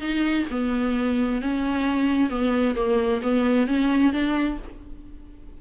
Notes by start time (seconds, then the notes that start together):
0.00 D#4
0.50 B3
1.41 C#4
2.29 B3
2.75 A#3
3.22 B3
3.67 C#4
4.12 D4